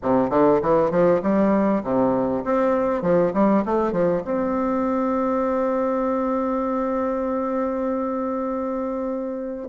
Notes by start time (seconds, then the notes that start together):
0.02 C3
0.30 D3
0.62 E3
0.90 F3
1.22 G3
1.83 C3
2.44 C4
3.02 F3
3.33 G3
3.65 A3
3.91 F3
4.25 C4